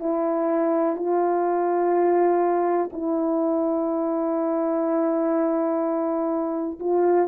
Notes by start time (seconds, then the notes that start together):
0.00 E4
0.96 F4
2.93 E4
6.80 F4